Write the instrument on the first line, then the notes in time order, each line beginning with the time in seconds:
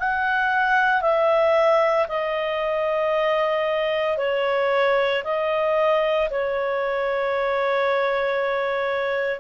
clarinet
0.00 F#5
1.02 E5
2.09 D#5
4.18 C#5
5.24 D#5
6.31 C#5